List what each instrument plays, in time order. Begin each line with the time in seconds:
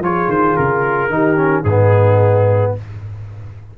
0.00 tuba F3, trombone F4, horn G#4, trumpet C#5
0.28 tuba D#3, trumpet C5
0.57 tuba C#3, trumpet A#4
1.09 tuba D#3, trombone D#4, horn G4
1.37 trombone C#4
1.63 tuba G#2, horn D#4, trumpet G#4
1.70 trombone B3